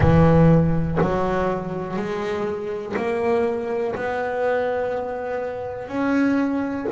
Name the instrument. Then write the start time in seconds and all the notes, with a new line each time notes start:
double bass
0.00 E3
1.01 F#3
1.96 G#3
2.96 A#3
3.95 B3
5.87 C#4